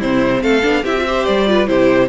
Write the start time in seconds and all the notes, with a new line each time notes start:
0.00 C3 C4 E4 C5
0.43 A3 A4 F5
0.63 B3 D4
0.83 C4 E4 G4 E5
0.97 F4
1.07 G4 C5
1.26 G3 D5
1.47 F4 B4
1.67 C3 E4 G4 C5